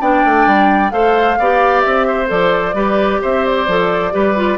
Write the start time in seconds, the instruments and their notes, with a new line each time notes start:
0.00 bassoon B3, clarinet D4, oboe D5, flute G5
0.24 bassoon A3
0.46 bassoon G3
0.90 bassoon A3, clarinet A4, oboe C5, flute F5
1.38 bassoon B3, clarinet G4, oboe D5
1.81 bassoon C4, flute E5
2.07 oboe C5
2.26 bassoon F3, clarinet A4, flute D5
2.73 bassoon G3, clarinet G4, oboe B4
3.21 bassoon C4, oboe C5, flute E5
3.45 flute D5
3.67 bassoon F3, clarinet A4
4.11 bassoon G3, clarinet G4, oboe B4
4.35 clarinet F4